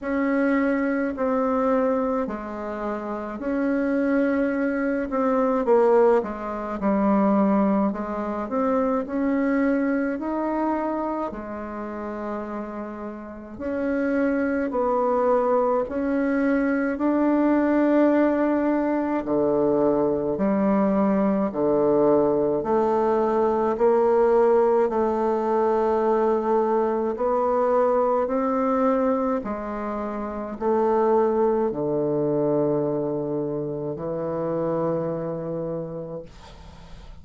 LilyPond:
\new Staff \with { instrumentName = "bassoon" } { \time 4/4 \tempo 4 = 53 cis'4 c'4 gis4 cis'4~ | cis'8 c'8 ais8 gis8 g4 gis8 c'8 | cis'4 dis'4 gis2 | cis'4 b4 cis'4 d'4~ |
d'4 d4 g4 d4 | a4 ais4 a2 | b4 c'4 gis4 a4 | d2 e2 | }